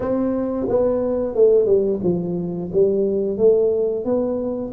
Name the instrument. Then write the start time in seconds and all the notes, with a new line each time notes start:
tuba
0.00 C4
0.68 B3
1.35 A3
1.65 G3
2.03 F3
2.72 G3
3.37 A3
4.04 B3